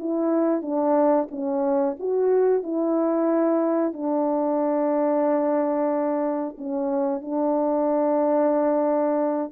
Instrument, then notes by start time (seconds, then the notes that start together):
horn
0.00 E4
0.62 D4
1.31 C#4
2.00 F#4
2.63 E4
3.94 D4
6.58 C#4
7.22 D4